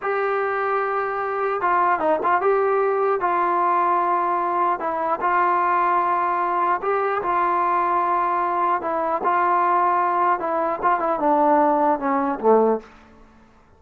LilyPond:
\new Staff \with { instrumentName = "trombone" } { \time 4/4 \tempo 4 = 150 g'1 | f'4 dis'8 f'8 g'2 | f'1 | e'4 f'2.~ |
f'4 g'4 f'2~ | f'2 e'4 f'4~ | f'2 e'4 f'8 e'8 | d'2 cis'4 a4 | }